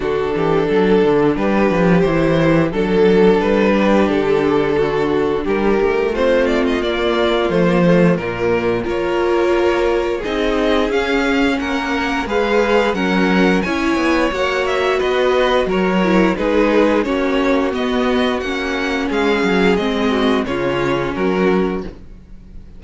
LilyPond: <<
  \new Staff \with { instrumentName = "violin" } { \time 4/4 \tempo 4 = 88 a'2 b'4 c''4 | a'4 b'4 a'2 | ais'4 c''8 d''16 dis''16 d''4 c''4 | ais'4 cis''2 dis''4 |
f''4 fis''4 f''4 fis''4 | gis''4 fis''8 e''8 dis''4 cis''4 | b'4 cis''4 dis''4 fis''4 | f''4 dis''4 cis''4 ais'4 | }
  \new Staff \with { instrumentName = "violin" } { \time 4/4 fis'8 g'8 a'4 g'2 | a'4. g'4. fis'4 | g'4 f'2.~ | f'4 ais'2 gis'4~ |
gis'4 ais'4 b'4 ais'4 | cis''2 b'4 ais'4 | gis'4 fis'2. | gis'4. fis'8 f'4 fis'4 | }
  \new Staff \with { instrumentName = "viola" } { \time 4/4 d'2. e'4 | d'1~ | d'4 c'4 ais4 a16 ais16 a8 | ais4 f'2 dis'4 |
cis'2 gis'4 cis'4 | e'4 fis'2~ fis'8 e'8 | dis'4 cis'4 b4 cis'4~ | cis'4 c'4 cis'2 | }
  \new Staff \with { instrumentName = "cello" } { \time 4/4 d8 e8 fis8 d8 g8 f8 e4 | fis4 g4 d2 | g8 a4. ais4 f4 | ais,4 ais2 c'4 |
cis'4 ais4 gis4 fis4 | cis'8 b8 ais4 b4 fis4 | gis4 ais4 b4 ais4 | gis8 fis8 gis4 cis4 fis4 | }
>>